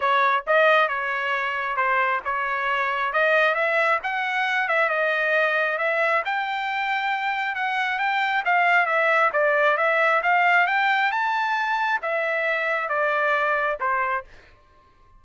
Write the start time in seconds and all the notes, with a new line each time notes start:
0.00 C#5
0.46 D#5
0.88 C#5
1.76 C5
2.24 C#5
3.12 D#5
3.54 E5
4.03 F#5
4.68 E5
4.89 D#5
5.78 E5
6.25 G5
7.55 F#5
7.98 G5
8.45 F5
8.86 E5
9.32 D5
9.77 E5
10.22 F5
10.67 G5
11.11 A5
12.02 E5
12.88 D5
13.80 C5